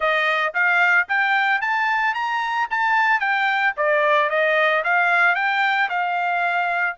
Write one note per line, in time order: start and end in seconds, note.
0.00 0.53 D#5
0.54 1.07 F5
1.08 1.61 G5
1.61 2.14 A5
2.14 2.67 A#5
2.70 3.19 A5
3.19 3.73 G5
3.76 4.29 D5
4.29 4.83 D#5
4.84 5.35 F5
5.35 5.88 G5
5.89 6.96 F5